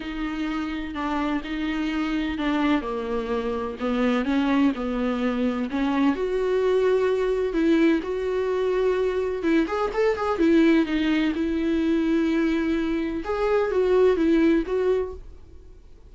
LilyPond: \new Staff \with { instrumentName = "viola" } { \time 4/4 \tempo 4 = 127 dis'2 d'4 dis'4~ | dis'4 d'4 ais2 | b4 cis'4 b2 | cis'4 fis'2. |
e'4 fis'2. | e'8 gis'8 a'8 gis'8 e'4 dis'4 | e'1 | gis'4 fis'4 e'4 fis'4 | }